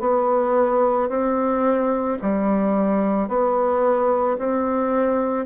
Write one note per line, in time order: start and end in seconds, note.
0.00 1.09 B3
1.09 2.18 C4
2.22 3.28 G3
3.28 4.37 B3
4.38 5.46 C4